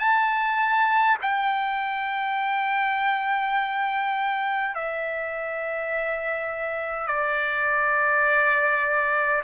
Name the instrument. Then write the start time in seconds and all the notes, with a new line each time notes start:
trumpet
0.00 A5
1.22 G5
4.75 E5
7.07 D5